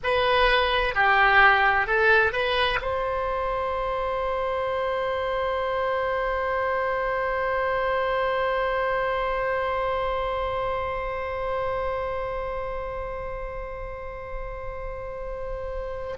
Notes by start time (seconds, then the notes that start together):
0.03 B4
0.94 G4
1.87 A4
2.32 B4
2.81 C5